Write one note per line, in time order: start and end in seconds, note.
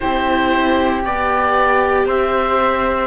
0.00 1.05 C4
0.00 1.04 E4
0.00 2.06 G4
0.00 1.02 C5
1.04 2.06 B3
1.04 3.07 G4
1.04 2.07 D5
2.06 3.07 C4
2.06 3.07 C5
2.06 3.07 E5